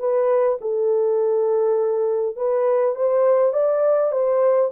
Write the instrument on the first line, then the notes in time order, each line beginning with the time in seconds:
horn
0.00 B4
0.62 A4
2.37 B4
2.96 C5
3.53 D5
4.12 C5